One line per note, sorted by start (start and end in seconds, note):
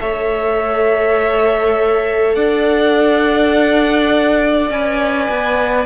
0.00 2.36 A3
0.00 4.71 A4
0.00 2.35 C#5
0.00 2.35 E5
2.35 4.70 D4
2.35 5.86 D5
2.35 4.70 F#5
4.70 5.28 C#4
4.70 5.86 B4
4.70 5.86 G#5
5.29 5.86 B3